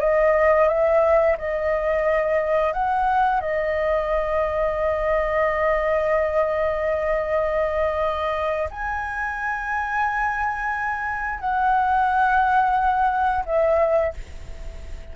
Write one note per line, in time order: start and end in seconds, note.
0.00 0.68 D#5
0.68 1.37 E5
1.38 2.73 D#5
2.73 3.41 F#5
3.41 8.69 D#5
8.71 11.40 G#5
11.40 13.44 F#5
13.45 14.14 E5